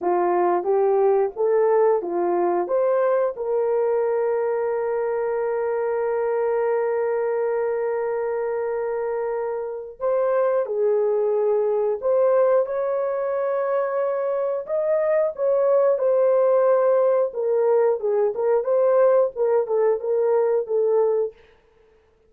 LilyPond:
\new Staff \with { instrumentName = "horn" } { \time 4/4 \tempo 4 = 90 f'4 g'4 a'4 f'4 | c''4 ais'2.~ | ais'1~ | ais'2. c''4 |
gis'2 c''4 cis''4~ | cis''2 dis''4 cis''4 | c''2 ais'4 gis'8 ais'8 | c''4 ais'8 a'8 ais'4 a'4 | }